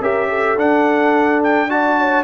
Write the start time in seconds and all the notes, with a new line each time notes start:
0.00 C#4 G4 A#4 E5
0.29 A4
0.56 D4 F#5
1.43 G5
1.69 F#4 D5 A5
1.99 C#5